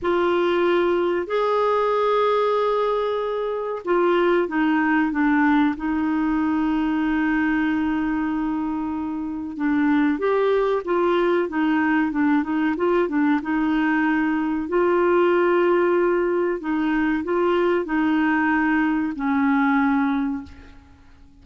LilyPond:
\new Staff \with { instrumentName = "clarinet" } { \time 4/4 \tempo 4 = 94 f'2 gis'2~ | gis'2 f'4 dis'4 | d'4 dis'2.~ | dis'2. d'4 |
g'4 f'4 dis'4 d'8 dis'8 | f'8 d'8 dis'2 f'4~ | f'2 dis'4 f'4 | dis'2 cis'2 | }